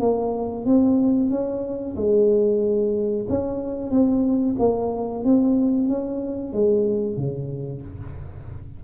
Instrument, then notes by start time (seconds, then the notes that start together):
tuba
0.00 A#3
0.66 C4
1.30 C#4
1.96 G#3
3.29 C#4
3.91 C4
4.59 A#3
5.24 C4
5.88 C#4
6.53 G#3
7.17 C#3